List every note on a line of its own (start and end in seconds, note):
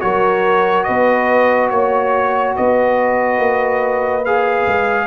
0.00 0.88 F#3
0.00 4.23 F#4
0.00 0.86 A#4
0.00 0.84 C#5
0.84 1.70 B3
0.84 1.70 B4
0.84 1.68 D#5
1.69 2.55 A#3
1.69 2.54 C#5
1.69 2.55 C#5
2.55 3.38 B3
2.55 5.07 B4
2.55 4.25 D#5
3.38 4.65 A#3
4.25 5.07 G#4
4.25 5.07 F5
4.66 5.07 G#3